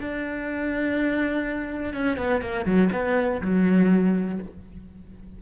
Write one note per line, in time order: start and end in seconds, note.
0.00 1.94 D4
1.94 2.18 C#4
2.18 2.42 B3
2.42 2.66 A#3
2.66 2.90 F#3
2.92 3.41 B3
3.42 4.39 F#3